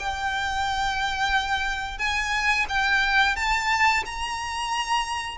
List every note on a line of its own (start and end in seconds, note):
0.00 1.99 G5
1.99 2.66 G#5
2.69 3.36 G5
3.36 4.04 A5
4.06 5.38 A#5